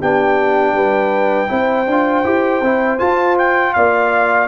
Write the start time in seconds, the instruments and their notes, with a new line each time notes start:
0.00 tuba B3, trombone D4, horn G4, trumpet G5
0.73 tuba G3, horn B4
1.48 tuba C4, trombone E4, horn C5
1.87 tuba D4, trombone F4
2.25 tuba E4, trombone G4
2.61 tuba C4, trombone E4
2.99 trombone F4, tuba F4, trumpet A5
3.39 trumpet G5
3.74 tuba A#3, horn D5, trumpet F5